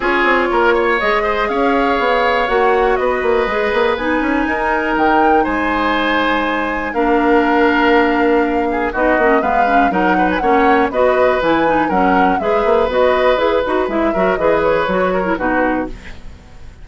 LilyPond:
<<
  \new Staff \with { instrumentName = "flute" } { \time 4/4 \tempo 4 = 121 cis''2 dis''4 f''4~ | f''4 fis''4 dis''2 | gis''2 g''4 gis''4~ | gis''2 f''2~ |
f''2 dis''4 f''4 | fis''8. gis''16 fis''4 dis''4 gis''4 | fis''4 e''4 dis''4 b'4 | e''4 dis''8 cis''4. b'4 | }
  \new Staff \with { instrumentName = "oboe" } { \time 4/4 gis'4 ais'8 cis''4 c''8 cis''4~ | cis''2 b'2~ | b'4 ais'2 c''4~ | c''2 ais'2~ |
ais'4. gis'8 fis'4 b'4 | ais'8 b'8 cis''4 b'2 | ais'4 b'2.~ | b'8 ais'8 b'4. ais'8 fis'4 | }
  \new Staff \with { instrumentName = "clarinet" } { \time 4/4 f'2 gis'2~ | gis'4 fis'2 gis'4 | dis'1~ | dis'2 d'2~ |
d'2 dis'8 cis'8 b8 cis'8 | dis'4 cis'4 fis'4 e'8 dis'8 | cis'4 gis'4 fis'4 gis'8 fis'8 | e'8 fis'8 gis'4 fis'8. e'16 dis'4 | }
  \new Staff \with { instrumentName = "bassoon" } { \time 4/4 cis'8 c'8 ais4 gis4 cis'4 | b4 ais4 b8 ais8 gis8 ais8 | b8 cis'8 dis'4 dis4 gis4~ | gis2 ais2~ |
ais2 b8 ais8 gis4 | fis4 ais4 b4 e4 | fis4 gis8 ais8 b4 e'8 dis'8 | gis8 fis8 e4 fis4 b,4 | }
>>